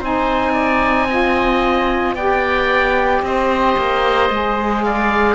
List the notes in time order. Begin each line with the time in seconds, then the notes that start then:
0.00 C4 D#4 C5 G#5
0.53 D5
1.10 F4 D#5
2.15 B3 G4 D5 G5
3.22 C4 C5 D#5
3.78 A#3
4.30 G#3 G#4
4.83 D5 F5